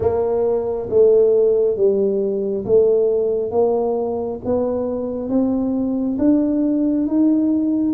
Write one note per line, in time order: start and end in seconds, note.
0.00 0.88 A#3
0.89 1.76 A3
1.76 2.64 G3
2.65 3.51 A3
3.51 4.39 A#3
4.44 5.29 B3
5.29 6.17 C4
6.18 7.06 D4
7.06 7.93 D#4